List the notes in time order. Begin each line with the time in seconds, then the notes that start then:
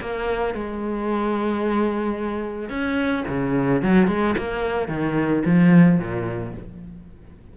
0.00 A#3
0.54 G#3
2.69 C#4
3.27 C#3
3.82 F#3
4.07 G#3
4.38 A#3
4.88 D#3
5.45 F3
5.99 A#2